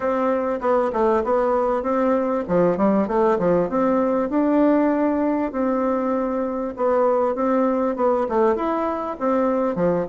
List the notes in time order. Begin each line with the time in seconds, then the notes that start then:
0.00 C4
0.60 B3
0.92 A3
1.24 B3
1.83 C4
2.47 F3
2.77 G3
3.07 A3
3.38 F3
3.69 C4
4.29 D4
5.51 C4
6.76 B3
7.35 C4
7.96 B3
8.28 A3
8.55 E4
9.19 C4
9.75 F3